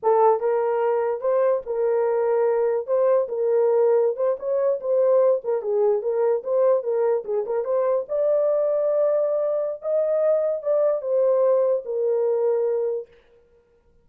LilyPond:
\new Staff \with { instrumentName = "horn" } { \time 4/4 \tempo 4 = 147 a'4 ais'2 c''4 | ais'2. c''4 | ais'2~ ais'16 c''8 cis''4 c''16~ | c''4~ c''16 ais'8 gis'4 ais'4 c''16~ |
c''8. ais'4 gis'8 ais'8 c''4 d''16~ | d''1 | dis''2 d''4 c''4~ | c''4 ais'2. | }